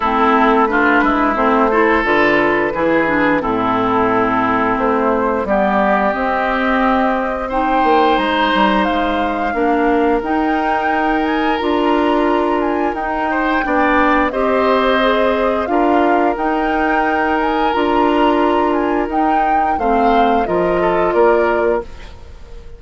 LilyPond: <<
  \new Staff \with { instrumentName = "flute" } { \time 4/4 \tempo 4 = 88 a'4 b'4 c''4 b'4~ | b'4 a'2 c''4 | d''4 dis''2 g''4 | ais''4 f''2 g''4~ |
g''8 gis''8 ais''4. gis''8 g''4~ | g''4 dis''2 f''4 | g''4. gis''8 ais''4. gis''8 | g''4 f''4 dis''4 d''4 | }
  \new Staff \with { instrumentName = "oboe" } { \time 4/4 e'4 f'8 e'4 a'4. | gis'4 e'2. | g'2. c''4~ | c''2 ais'2~ |
ais'2.~ ais'8 c''8 | d''4 c''2 ais'4~ | ais'1~ | ais'4 c''4 ais'8 a'8 ais'4 | }
  \new Staff \with { instrumentName = "clarinet" } { \time 4/4 c'4 d'4 c'8 e'8 f'4 | e'8 d'8 c'2. | b4 c'2 dis'4~ | dis'2 d'4 dis'4~ |
dis'4 f'2 dis'4 | d'4 g'4 gis'4 f'4 | dis'2 f'2 | dis'4 c'4 f'2 | }
  \new Staff \with { instrumentName = "bassoon" } { \time 4/4 a4. gis8 a4 d4 | e4 a,2 a4 | g4 c'2~ c'8 ais8 | gis8 g8 gis4 ais4 dis'4~ |
dis'4 d'2 dis'4 | b4 c'2 d'4 | dis'2 d'2 | dis'4 a4 f4 ais4 | }
>>